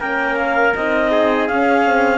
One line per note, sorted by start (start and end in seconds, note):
0.00 0.73 A#3
0.00 0.74 C#4
0.00 1.10 A#4
0.00 0.37 G5
0.38 0.74 F5
0.75 1.49 C4
0.75 1.50 D#4
0.75 1.48 D#5
1.11 2.18 G#4
1.48 2.18 C#4
1.48 1.85 C#4
1.48 2.18 F5
1.85 2.18 C4